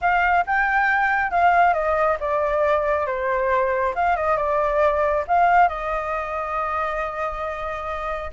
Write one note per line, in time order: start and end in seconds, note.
0.01 0.45 F5
0.46 1.30 G5
1.30 1.73 F5
1.73 2.17 D#5
2.20 3.06 D5
3.06 3.94 C5
3.95 4.16 F5
4.16 4.36 D#5
4.36 5.24 D5
5.27 5.68 F5
5.68 8.31 D#5